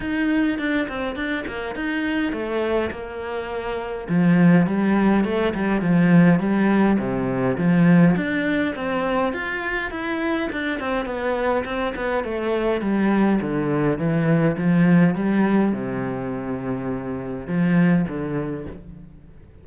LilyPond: \new Staff \with { instrumentName = "cello" } { \time 4/4 \tempo 4 = 103 dis'4 d'8 c'8 d'8 ais8 dis'4 | a4 ais2 f4 | g4 a8 g8 f4 g4 | c4 f4 d'4 c'4 |
f'4 e'4 d'8 c'8 b4 | c'8 b8 a4 g4 d4 | e4 f4 g4 c4~ | c2 f4 d4 | }